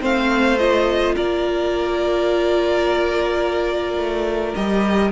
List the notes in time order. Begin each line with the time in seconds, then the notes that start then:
0.00 A3 C4 C5 F5
0.58 F4 D#5
1.15 A#3 A#4 D5
3.97 A3
4.54 G3 G4 D#5